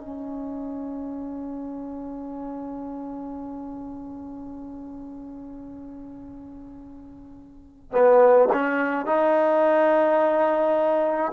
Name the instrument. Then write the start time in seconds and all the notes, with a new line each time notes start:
trombone
0.00 C#4
7.92 B3
8.53 C#4
9.06 D#4